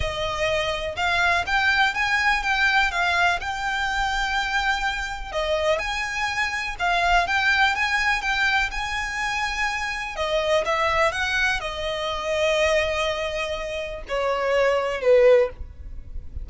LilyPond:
\new Staff \with { instrumentName = "violin" } { \time 4/4 \tempo 4 = 124 dis''2 f''4 g''4 | gis''4 g''4 f''4 g''4~ | g''2. dis''4 | gis''2 f''4 g''4 |
gis''4 g''4 gis''2~ | gis''4 dis''4 e''4 fis''4 | dis''1~ | dis''4 cis''2 b'4 | }